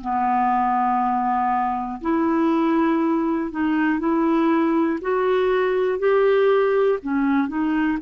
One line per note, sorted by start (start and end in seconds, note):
0.00 2.00 B3
2.01 3.51 E4
3.51 3.99 D#4
3.99 4.99 E4
5.00 5.98 F#4
5.98 6.98 G4
7.02 7.48 C#4
7.48 7.98 D#4